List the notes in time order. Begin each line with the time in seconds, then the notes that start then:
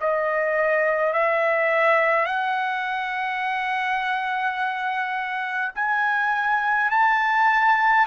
0.00 D#5
1.13 E5
2.25 F#5
5.75 G#5
6.90 A5